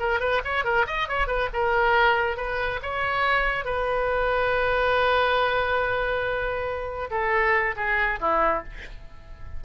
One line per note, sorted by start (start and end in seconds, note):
0.00 0.20 A#4
0.20 0.42 B4
0.45 0.65 C#5
0.65 0.86 A#4
0.87 1.09 D#5
1.09 1.28 C#5
1.28 1.49 B4
1.53 2.37 A#4
2.37 2.80 B4
2.82 3.65 C#5
3.65 7.10 B4
7.11 7.75 A4
7.76 8.20 G#4
8.21 8.64 E4